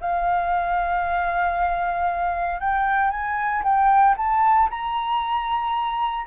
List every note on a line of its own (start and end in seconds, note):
0.00 2.60 F5
2.60 3.10 G5
3.10 3.62 G#5
3.63 4.15 G5
4.17 4.69 A5
4.70 6.26 A#5